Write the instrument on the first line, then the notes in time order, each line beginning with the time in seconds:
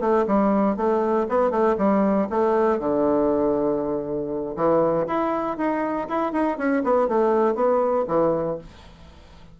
bassoon
0.00 A3
0.27 G3
0.76 A3
1.29 B3
1.50 A3
1.78 G3
2.30 A3
2.79 D3
4.56 E3
5.07 E4
5.58 D#4
6.09 E4
6.32 D#4
6.58 C#4
6.83 B3
7.08 A3
7.55 B3
8.08 E3